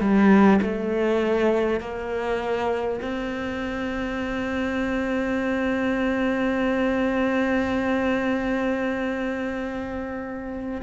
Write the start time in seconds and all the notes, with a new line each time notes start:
0.00 G3
0.62 A3
1.80 A#3
3.01 C4